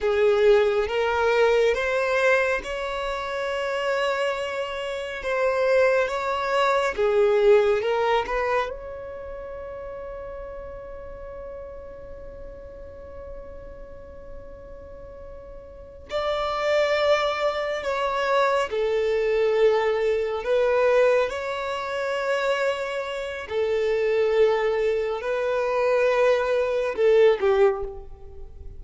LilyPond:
\new Staff \with { instrumentName = "violin" } { \time 4/4 \tempo 4 = 69 gis'4 ais'4 c''4 cis''4~ | cis''2 c''4 cis''4 | gis'4 ais'8 b'8 cis''2~ | cis''1~ |
cis''2~ cis''8 d''4.~ | d''8 cis''4 a'2 b'8~ | b'8 cis''2~ cis''8 a'4~ | a'4 b'2 a'8 g'8 | }